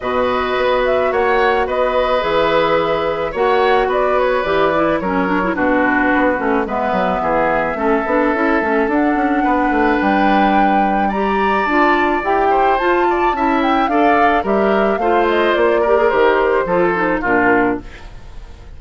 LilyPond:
<<
  \new Staff \with { instrumentName = "flute" } { \time 4/4 \tempo 4 = 108 dis''4. e''8 fis''4 dis''4 | e''2 fis''4 d''8 cis''8 | d''4 cis''4 b'2 | e''1 |
fis''2 g''2 | ais''4 a''4 g''4 a''4~ | a''8 g''8 f''4 e''4 f''8 dis''8 | d''4 c''2 ais'4 | }
  \new Staff \with { instrumentName = "oboe" } { \time 4/4 b'2 cis''4 b'4~ | b'2 cis''4 b'4~ | b'4 ais'4 fis'2 | b'4 gis'4 a'2~ |
a'4 b'2. | d''2~ d''8 c''4 d''8 | e''4 d''4 ais'4 c''4~ | c''8 ais'4. a'4 f'4 | }
  \new Staff \with { instrumentName = "clarinet" } { \time 4/4 fis'1 | gis'2 fis'2 | g'8 e'8 cis'8 d'16 e'16 d'4. cis'8 | b2 cis'8 d'8 e'8 cis'8 |
d'1 | g'4 f'4 g'4 f'4 | e'4 a'4 g'4 f'4~ | f'8 g'16 gis'16 g'4 f'8 dis'8 d'4 | }
  \new Staff \with { instrumentName = "bassoon" } { \time 4/4 b,4 b4 ais4 b4 | e2 ais4 b4 | e4 fis4 b,4 b8 a8 | gis8 fis8 e4 a8 b8 cis'8 a8 |
d'8 cis'8 b8 a8 g2~ | g4 d'4 e'4 f'4 | cis'4 d'4 g4 a4 | ais4 dis4 f4 ais,4 | }
>>